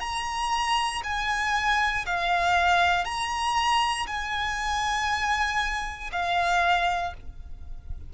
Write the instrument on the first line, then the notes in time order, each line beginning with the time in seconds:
violin
0.00 A#5
1.03 G#5
2.06 F5
3.05 A#5
4.07 G#5
6.12 F5